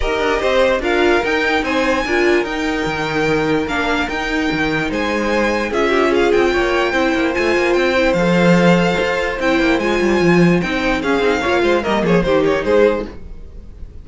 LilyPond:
<<
  \new Staff \with { instrumentName = "violin" } { \time 4/4 \tempo 4 = 147 dis''2 f''4 g''4 | gis''2 g''2~ | g''4 f''4 g''2 | gis''2 e''4 f''8 g''8~ |
g''2 gis''4 g''4 | f''2. g''4 | gis''2 g''4 f''4~ | f''4 dis''8 cis''8 c''8 cis''8 c''4 | }
  \new Staff \with { instrumentName = "violin" } { \time 4/4 ais'4 c''4 ais'2 | c''4 ais'2.~ | ais'1 | c''2 gis'8 g'8 gis'4 |
cis''4 c''2.~ | c''1~ | c''2. gis'4 | cis''8 c''8 ais'8 gis'8 g'4 gis'4 | }
  \new Staff \with { instrumentName = "viola" } { \time 4/4 g'2 f'4 dis'4~ | dis'4 f'4 dis'2~ | dis'4 d'4 dis'2~ | dis'2 f'2~ |
f'4 e'4 f'4. e'8 | a'2. e'4 | f'2 dis'4 cis'8 dis'8 | f'4 ais4 dis'2 | }
  \new Staff \with { instrumentName = "cello" } { \time 4/4 dis'8 d'8 c'4 d'4 dis'4 | c'4 d'4 dis'4 dis4~ | dis4 ais4 dis'4 dis4 | gis2 cis'4. c'8 |
ais4 c'8 ais8 a8 ais8 c'4 | f2 f'4 c'8 ais8 | gis8 g8 f4 c'4 cis'8 c'8 | ais8 gis8 g8 f8 dis4 gis4 | }
>>